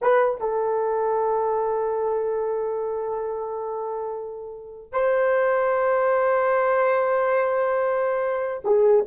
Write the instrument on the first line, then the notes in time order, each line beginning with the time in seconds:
horn
0.01 B4
0.40 A4
4.92 C5
8.64 G#4